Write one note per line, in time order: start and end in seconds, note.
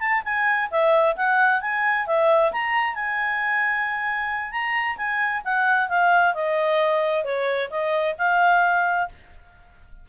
0.00 0.23 A5
0.25 0.70 G#5
0.71 1.16 E5
1.16 1.62 F#5
1.62 2.07 G#5
2.07 2.52 E5
2.52 2.95 A#5
2.95 4.52 G#5
4.52 4.97 A#5
4.97 5.42 G#5
5.45 5.89 F#5
5.89 6.34 F5
6.34 7.24 D#5
7.24 7.69 C#5
7.70 8.15 D#5
8.18 9.09 F5